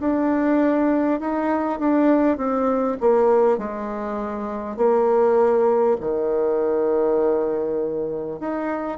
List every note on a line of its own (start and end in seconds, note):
0.00 1.20 D4
1.20 1.79 D#4
1.79 2.37 D4
2.37 2.97 C4
3.01 3.58 A#3
3.58 4.77 G#3
4.77 5.97 A#3
6.01 8.40 D#3
8.40 8.98 D#4